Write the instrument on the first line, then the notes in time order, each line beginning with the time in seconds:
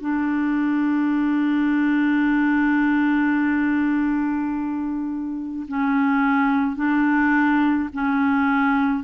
clarinet
0.00 D4
5.68 C#4
6.76 D4
7.92 C#4